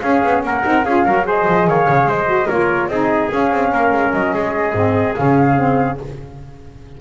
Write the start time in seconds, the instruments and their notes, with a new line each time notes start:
0.00 double bass C#4, saxophone C#4, trumpet G#4, flute F5
0.23 double bass B3
0.43 double bass A#3, trumpet A#4, flute F#5
0.63 double bass C4, saxophone D#4
0.83 double bass C#4, saxophone F4, trumpet G#4, flute F5
1.04 double bass F#3, saxophone F#4, trumpet A#4
1.23 saxophone G#4, trumpet C5, flute D#5
1.47 double bass F3
1.67 double bass D#3, trumpet C#5, flute F5
1.88 double bass C#3
2.05 double bass G#3, trumpet C5, flute D#5
2.26 saxophone F#4
2.46 double bass A#3, saxophone F4, trumpet A#4, flute C#5
2.87 double bass C4, saxophone D#4, trumpet G#4, flute D#5
3.32 double bass C#4, saxophone C#4, flute F5
3.50 double bass C4
3.72 double bass A#3, trumpet A#4
3.92 double bass G#3
4.11 double bass F#3, flute D#5
4.34 double bass G#3, trumpet G#4
4.72 double bass G#2, saxophone C4
5.15 double bass C#3, saxophone C#4, flute F5
5.56 saxophone C4